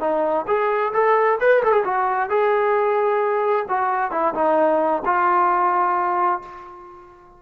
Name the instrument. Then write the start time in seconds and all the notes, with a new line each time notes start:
trombone
0.00 D#4
0.47 G#4
0.93 A4
1.40 B4
1.64 A4
1.72 G#4
1.84 F#4
2.30 G#4
3.69 F#4
4.11 E4
4.35 D#4
5.05 F4